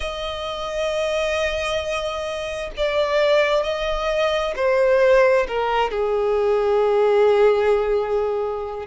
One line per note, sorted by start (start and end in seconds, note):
0.00 2.70 D#5
2.76 3.63 D5
3.63 4.54 D#5
4.56 5.47 C5
5.48 5.90 A#4
5.90 8.86 G#4